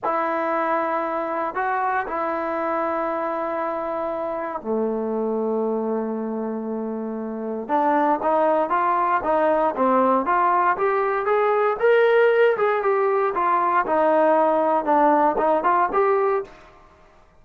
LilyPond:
\new Staff \with { instrumentName = "trombone" } { \time 4/4 \tempo 4 = 117 e'2. fis'4 | e'1~ | e'4 a2.~ | a2. d'4 |
dis'4 f'4 dis'4 c'4 | f'4 g'4 gis'4 ais'4~ | ais'8 gis'8 g'4 f'4 dis'4~ | dis'4 d'4 dis'8 f'8 g'4 | }